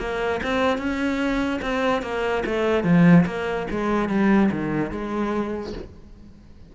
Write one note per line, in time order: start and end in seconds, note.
0.00 0.41 A#3
0.43 0.78 C4
0.78 1.61 C#4
1.62 2.02 C4
2.02 2.44 A#3
2.46 2.84 A3
2.84 3.25 F3
3.26 3.67 A#3
3.71 4.09 G#3
4.09 4.50 G3
4.52 4.91 D#3
4.91 5.73 G#3